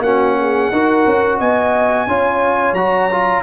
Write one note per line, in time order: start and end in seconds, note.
0.00 0.68 A#3
0.00 0.72 C#4
0.00 0.37 F#4
0.00 1.38 F#5
0.39 0.73 G#4
0.71 1.05 D#4
0.71 2.08 F#4
0.71 1.38 A#4
1.06 1.39 C#4
1.38 2.07 B3
1.38 2.06 D#5
1.38 2.74 G#5
2.07 2.72 C#4
2.07 2.76 F4
2.07 3.42 C#5
2.72 3.40 F#3
2.72 3.10 F#4
2.72 3.42 A#5
3.11 3.42 F4